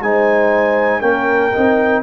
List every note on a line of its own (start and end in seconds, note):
0.00 1.02 G#3
0.00 1.01 D#4
0.00 1.01 C5
0.00 1.01 G#5
1.01 1.53 A#3
1.01 1.52 C#4
1.01 2.03 A#4
1.01 2.03 G5
1.53 2.03 C4
1.53 2.03 D#4